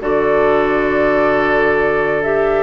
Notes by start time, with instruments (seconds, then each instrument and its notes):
0.00 bassoon D3, clarinet F#4, oboe A4, flute D5
2.23 clarinet G4, flute E5